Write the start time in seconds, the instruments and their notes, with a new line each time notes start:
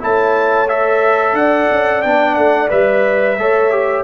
0.00 tuba A3, trombone E4, horn C#5, trumpet A5
0.69 trombone A4, trumpet E5
1.33 tuba D4, horn D5, trumpet F#5
1.72 tuba C#4
2.03 tuba B3, trombone D4, trumpet G5
2.36 tuba A3, trumpet F#5
2.69 tuba G3, trombone B4, trumpet E5
3.38 tuba A3, trombone A4, horn C#5
3.71 trombone G4